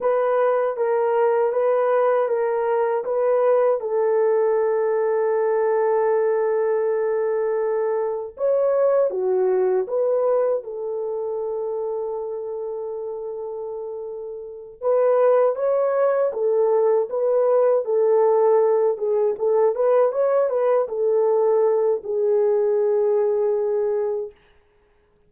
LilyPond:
\new Staff \with { instrumentName = "horn" } { \time 4/4 \tempo 4 = 79 b'4 ais'4 b'4 ais'4 | b'4 a'2.~ | a'2. cis''4 | fis'4 b'4 a'2~ |
a'2.~ a'8 b'8~ | b'8 cis''4 a'4 b'4 a'8~ | a'4 gis'8 a'8 b'8 cis''8 b'8 a'8~ | a'4 gis'2. | }